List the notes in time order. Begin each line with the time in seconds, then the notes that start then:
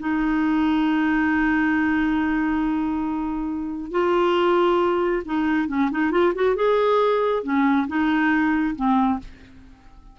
0.00 D#4
3.92 F4
5.26 D#4
5.69 C#4
5.91 D#4
6.12 F4
6.35 F#4
6.56 G#4
7.44 C#4
7.88 D#4
8.76 C4